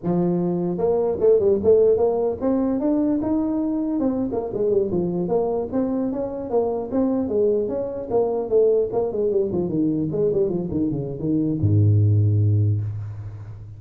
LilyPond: \new Staff \with { instrumentName = "tuba" } { \time 4/4 \tempo 4 = 150 f2 ais4 a8 g8 | a4 ais4 c'4 d'4 | dis'2 c'8. ais8 gis8 g16~ | g16 f4 ais4 c'4 cis'8.~ |
cis'16 ais4 c'4 gis4 cis'8.~ | cis'16 ais4 a4 ais8 gis8 g8 f16~ | f16 dis4 gis8 g8 f8 dis8 cis8. | dis4 gis,2. | }